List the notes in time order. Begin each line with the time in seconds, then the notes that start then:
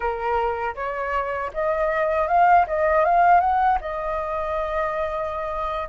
0.00 A#4
0.75 C#5
1.53 D#5
2.28 F5
2.67 D#5
3.04 F5
3.40 F#5
3.80 D#5